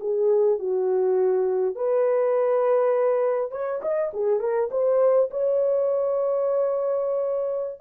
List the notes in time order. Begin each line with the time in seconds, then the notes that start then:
0.00 G#4
0.59 F#4
1.75 B4
3.52 C#5
3.82 D#5
4.13 G#4
4.40 A#4
4.71 C5
5.30 C#5